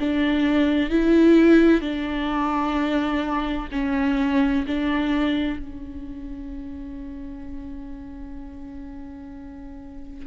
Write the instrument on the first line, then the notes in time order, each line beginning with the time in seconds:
viola
0.00 D4
0.91 E4
1.82 D4
3.72 C#4
4.67 D4
5.60 C#4